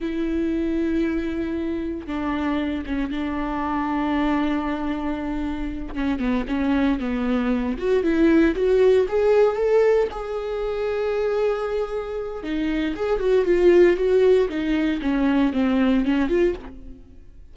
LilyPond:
\new Staff \with { instrumentName = "viola" } { \time 4/4 \tempo 4 = 116 e'1 | d'4. cis'8 d'2~ | d'2.~ d'8 cis'8 | b8 cis'4 b4. fis'8 e'8~ |
e'8 fis'4 gis'4 a'4 gis'8~ | gis'1 | dis'4 gis'8 fis'8 f'4 fis'4 | dis'4 cis'4 c'4 cis'8 f'8 | }